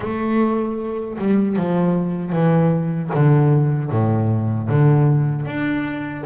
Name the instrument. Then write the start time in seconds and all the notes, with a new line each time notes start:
double bass
0.00 A3
1.18 G3
1.56 F3
2.32 E3
3.14 D3
3.91 A2
4.69 D3
5.45 D4